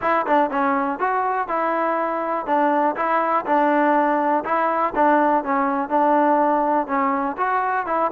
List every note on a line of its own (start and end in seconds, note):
0.01 0.26 E4
0.26 0.50 D4
0.50 0.99 C#4
0.99 1.48 F#4
1.48 2.46 E4
2.46 2.95 D4
2.96 3.45 E4
3.45 4.44 D4
4.44 4.93 E4
4.95 5.44 D4
5.44 5.89 C#4
5.89 6.87 D4
6.87 7.36 C#4
7.37 7.86 F#4
7.86 8.11 E4